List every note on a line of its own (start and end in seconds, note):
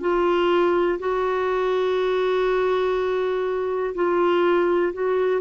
0.00 0.98 F4
0.99 3.94 F#4
3.94 4.93 F4
4.93 5.41 F#4